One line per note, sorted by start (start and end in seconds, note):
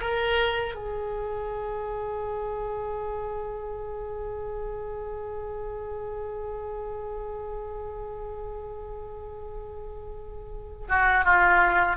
0.00 0.74 A#4
0.74 10.87 G#4
10.89 11.24 F#4
11.24 11.96 F4